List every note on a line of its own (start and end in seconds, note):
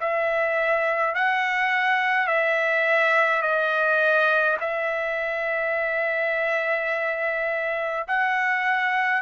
0.00 1.14 E5
1.14 2.27 F#5
2.27 3.41 E5
3.41 4.57 D#5
4.60 8.07 E5
8.07 9.22 F#5